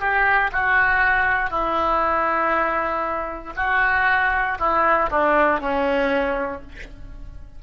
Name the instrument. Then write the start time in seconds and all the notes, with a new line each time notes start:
oboe
0.00 G4
0.53 F#4
1.51 E4
3.57 F#4
4.59 E4
5.10 D4
5.60 C#4